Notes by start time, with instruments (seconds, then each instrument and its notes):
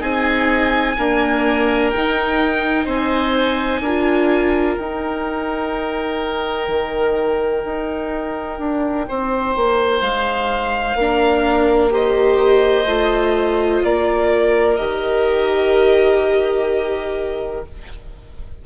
0.00 bassoon C4, viola D#4, oboe G#4, violin G#5
0.98 viola A#3, bassoon D4, oboe A#4
1.90 viola D#4, bassoon D#4, violin G5
2.85 bassoon C4, oboe C5, violin G#5
3.80 bassoon D4, oboe A#4
3.87 viola F4
4.77 bassoon D#4, viola D#4, violin G5
6.68 bassoon D#3
7.64 bassoon D#4
8.59 bassoon D4
9.08 bassoon C4, oboe C5
9.56 bassoon A#3
10.01 bassoon G#3, violin F5
10.95 bassoon A#3, viola D4, oboe A#4
11.90 viola G4, oboe C5, violin D#5
12.86 bassoon A3, viola F4
13.84 bassoon A#3, oboe A#4, violin D5
14.76 bassoon D#3, viola G4, violin D#5